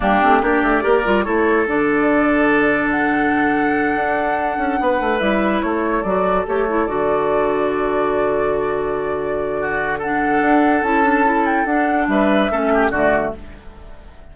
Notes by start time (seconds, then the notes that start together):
0.00 G3 A#3 D4 G4
0.21 A3 C4
0.41 A#3 D4 G4 D5
0.62 A3
0.82 A#3 G4 A#4
1.04 G3 F4
1.24 A3 E4 A4 C#5
1.66 D3 D4 D5
2.89 F#5
3.95 D4
4.57 C#4
4.80 B3 B4
5.00 A3
5.19 G3 E4 E5
5.61 A3 A4 C#5
6.02 F#3 F#4 D5
6.46 A3 G4 C#5
6.68 E4
6.86 D3 F#4 D5
9.60 F#4
9.98 D4 A4 F#5
10.41 D4
10.82 C#4 E4 A5
11.03 D4
11.24 E4
11.45 G5
11.65 D4 F#5
12.07 G3 B4 E5
12.50 A3 C#4 A4
12.73 G4
12.90 D3 A3 F#4 D5